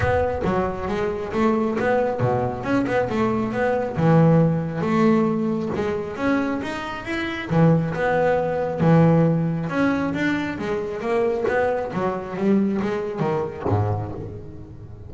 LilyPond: \new Staff \with { instrumentName = "double bass" } { \time 4/4 \tempo 4 = 136 b4 fis4 gis4 a4 | b4 b,4 cis'8 b8 a4 | b4 e2 a4~ | a4 gis4 cis'4 dis'4 |
e'4 e4 b2 | e2 cis'4 d'4 | gis4 ais4 b4 fis4 | g4 gis4 dis4 gis,4 | }